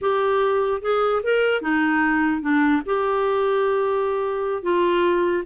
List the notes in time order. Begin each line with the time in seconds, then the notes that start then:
0.01 G4
0.81 G#4
1.23 A#4
1.61 D#4
2.41 D4
2.85 G4
4.63 F4